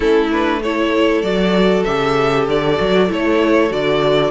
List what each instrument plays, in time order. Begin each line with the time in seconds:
0.00 cello A3, viola C#4, violin E4 A4
0.31 viola D4, violin B4
0.61 viola E4, violin A4 C#5
1.21 cello F#3, viola F#4, violin D5
1.84 cello C#3, viola G4, violin E5
2.48 cello D3, violin D5
2.76 cello F#3, viola F#4
3.08 cello A3, viola E4, violin C#5
3.69 cello D3, viola F#4, violin D5